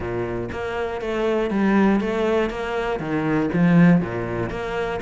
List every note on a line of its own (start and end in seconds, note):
0.00 0.49 A#2
0.52 1.01 A#3
1.01 1.50 A3
1.50 2.00 G3
2.00 2.50 A3
2.50 2.99 A#3
2.99 3.49 D#3
3.53 4.00 F3
4.00 4.50 A#2
4.50 5.00 A#3